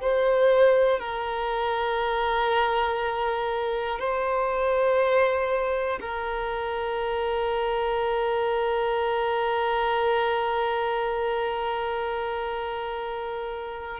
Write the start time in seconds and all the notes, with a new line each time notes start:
0.00 C5
1.00 A#4
3.99 C5
6.00 A#4